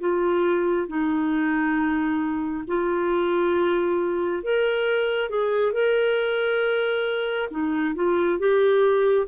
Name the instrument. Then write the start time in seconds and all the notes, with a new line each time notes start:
clarinet
0.00 F4
0.88 D#4
2.68 F4
4.43 A#4
5.30 G#4
5.73 A#4
7.51 D#4
7.95 F4
8.39 G4